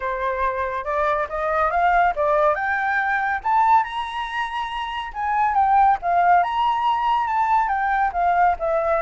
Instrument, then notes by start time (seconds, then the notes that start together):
flute
0.00 C5
0.84 D5
1.29 D#5
1.70 F5
2.15 D5
2.54 G5
3.43 A5
3.83 A#5
5.13 G#5
5.54 G5
6.02 F5
6.43 A#5
7.27 A5
7.68 G5
8.13 F5
8.59 E5